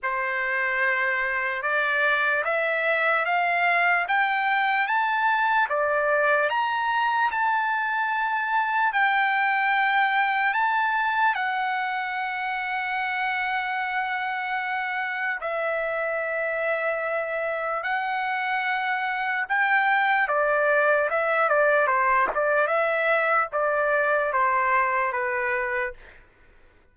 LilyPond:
\new Staff \with { instrumentName = "trumpet" } { \time 4/4 \tempo 4 = 74 c''2 d''4 e''4 | f''4 g''4 a''4 d''4 | ais''4 a''2 g''4~ | g''4 a''4 fis''2~ |
fis''2. e''4~ | e''2 fis''2 | g''4 d''4 e''8 d''8 c''8 d''8 | e''4 d''4 c''4 b'4 | }